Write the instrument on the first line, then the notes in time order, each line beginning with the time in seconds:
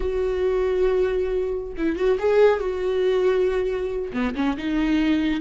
viola
0.00 F#4
1.77 E4
1.96 F#4
2.19 G#4
2.60 F#4
4.12 B3
4.35 C#4
4.57 D#4